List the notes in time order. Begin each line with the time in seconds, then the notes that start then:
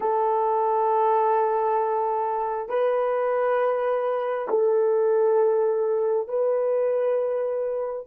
0.00 A4
2.69 B4
4.49 A4
6.28 B4